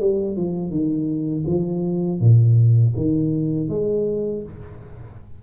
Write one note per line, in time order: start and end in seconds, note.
0.00 0.36 G3
0.36 0.70 F3
0.70 1.44 D#3
1.46 2.20 F3
2.20 2.94 A#2
2.96 3.69 D#3
3.69 4.43 G#3